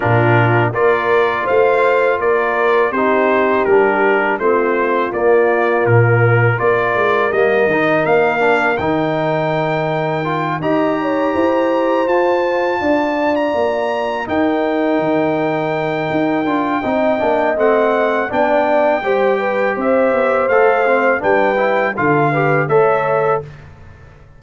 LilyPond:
<<
  \new Staff \with { instrumentName = "trumpet" } { \time 4/4 \tempo 4 = 82 ais'4 d''4 f''4 d''4 | c''4 ais'4 c''4 d''4 | ais'4 d''4 dis''4 f''4 | g''2~ g''8 ais''4.~ |
ais''8 a''4.~ a''16 ais''4~ ais''16 g''8~ | g''1 | fis''4 g''2 e''4 | f''4 g''4 f''4 e''4 | }
  \new Staff \with { instrumentName = "horn" } { \time 4/4 f'4 ais'4 c''4 ais'4 | g'2 f'2~ | f'4 ais'2.~ | ais'2~ ais'8 dis''8 cis''8 c''8~ |
c''4. d''2 ais'8~ | ais'2. dis''4~ | dis''4 d''4 c''8 b'8 c''4~ | c''4 b'4 a'8 b'8 cis''4 | }
  \new Staff \with { instrumentName = "trombone" } { \time 4/4 d'4 f'2. | dis'4 d'4 c'4 ais4~ | ais4 f'4 ais8 dis'4 d'8 | dis'2 f'8 g'4.~ |
g'8 f'2. dis'8~ | dis'2~ dis'8 f'8 dis'8 d'8 | c'4 d'4 g'2 | a'8 c'8 d'8 e'8 f'8 g'8 a'4 | }
  \new Staff \with { instrumentName = "tuba" } { \time 4/4 ais,4 ais4 a4 ais4 | c'4 g4 a4 ais4 | ais,4 ais8 gis8 g8 dis8 ais4 | dis2~ dis8 dis'4 e'8~ |
e'8 f'4 d'4 ais4 dis'8~ | dis'8 dis4. dis'8 d'8 c'8 ais8 | a4 b4 g4 c'8 b8 | a4 g4 d4 a4 | }
>>